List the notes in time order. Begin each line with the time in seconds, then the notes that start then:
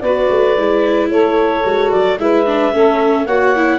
0.00 B3 F#4 B4 D5
0.30 A3
0.57 G#3 E4
1.10 A3 A4 C#5
1.64 G#3 F#4
1.91 F#3 D5
2.18 G#3 E4 B4 E5
2.46 D4
2.72 A3 C#4 A4
3.25 A#3 F#4 C#5 F#5
3.55 E4